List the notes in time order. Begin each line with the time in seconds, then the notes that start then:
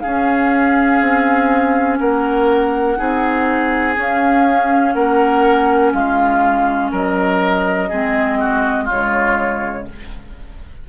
0.00 C#4 G#4 F5
1.01 C4
1.99 A#3 A#4 F#5
2.97 C4 D#4 G#4
3.95 C#4 F5
4.93 A#3 A#4 F#5
5.93 G#3 F4 F5
6.92 F#3 A#4 D#5
7.89 G#3 C4 G#4
8.40 F#4
8.84 G#3 F4 C#5
8.91 C#3